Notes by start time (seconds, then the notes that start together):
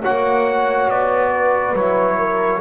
0.00 F#4 C#5 F#5
0.07 A#3
0.88 B3 D5
1.33 B4
1.73 F#3 E4 C#5
2.18 A#4